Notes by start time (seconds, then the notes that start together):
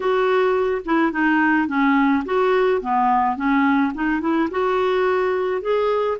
0.00 F#4
0.85 E4
1.12 D#4
1.67 C#4
2.25 F#4
2.81 B3
3.36 C#4
3.94 D#4
4.21 E4
4.50 F#4
5.61 G#4